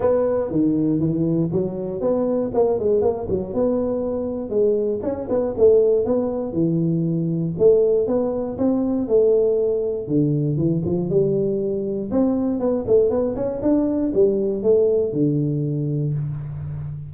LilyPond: \new Staff \with { instrumentName = "tuba" } { \time 4/4 \tempo 4 = 119 b4 dis4 e4 fis4 | b4 ais8 gis8 ais8 fis8 b4~ | b4 gis4 cis'8 b8 a4 | b4 e2 a4 |
b4 c'4 a2 | d4 e8 f8 g2 | c'4 b8 a8 b8 cis'8 d'4 | g4 a4 d2 | }